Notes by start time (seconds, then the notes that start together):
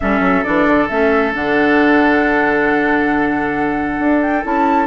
0.00 G3 C#4 A4 E5
0.20 F#3
0.44 E3 D4 D5
0.67 D3
0.88 A3 C#4 E5
1.33 D3 D4 F#5
3.99 D4
4.21 G5
4.43 C#4 E4 A5